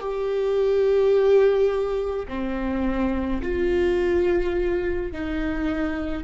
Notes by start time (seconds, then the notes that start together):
0.00 G4
2.28 C4
3.43 F4
5.13 D#4